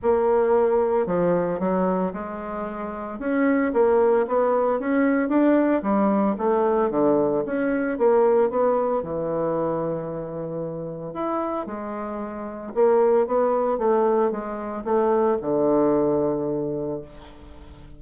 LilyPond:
\new Staff \with { instrumentName = "bassoon" } { \time 4/4 \tempo 4 = 113 ais2 f4 fis4 | gis2 cis'4 ais4 | b4 cis'4 d'4 g4 | a4 d4 cis'4 ais4 |
b4 e2.~ | e4 e'4 gis2 | ais4 b4 a4 gis4 | a4 d2. | }